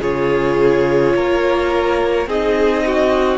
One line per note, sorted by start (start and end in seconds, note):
0.00 1.13 C#3
0.00 2.28 F4
0.00 1.14 G#4
0.00 2.29 C#5
1.15 2.26 A#3
1.15 2.28 A#4
2.26 3.38 C4
2.26 3.38 D#4
2.26 2.84 G#4
2.26 3.38 D#5
2.86 3.38 F#4